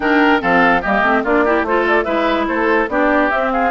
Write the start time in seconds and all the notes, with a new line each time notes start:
0.00 D#3 D4 A#4 G5
0.40 F3 C4 A4 F5
0.81 G3 A#3 G4 D#5
1.01 A3 C4
1.23 A#3 D4 F4 D5
1.44 E4 G4
1.62 A3 F4 C5
1.68 A4
1.87 D5
2.04 G#3 E4 B4 E5
2.47 A3 A4 C5
2.88 B3 D4 G4 D5
3.30 C4 E5
3.51 G#4 F5